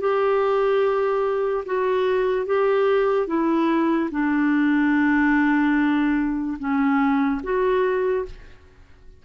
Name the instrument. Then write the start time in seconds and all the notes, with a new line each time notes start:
clarinet
0.00 G4
1.66 F#4
2.46 G4
3.27 E4
4.11 D4
6.59 C#4
7.43 F#4